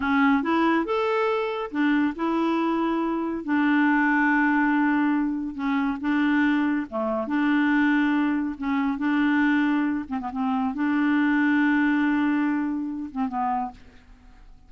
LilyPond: \new Staff \with { instrumentName = "clarinet" } { \time 4/4 \tempo 4 = 140 cis'4 e'4 a'2 | d'4 e'2. | d'1~ | d'4 cis'4 d'2 |
a4 d'2. | cis'4 d'2~ d'8 c'16 b16 | c'4 d'2.~ | d'2~ d'8 c'8 b4 | }